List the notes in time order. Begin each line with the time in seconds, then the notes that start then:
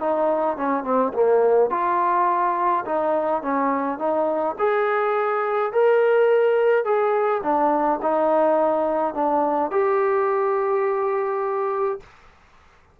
0.00 D#4
0.57 C#4
0.84 C4
1.14 A#3
1.70 F4
2.85 D#4
3.42 C#4
3.99 D#4
4.59 G#4
5.72 A#4
6.85 G#4
7.43 D4
8.02 D#4
9.14 D4
9.71 G4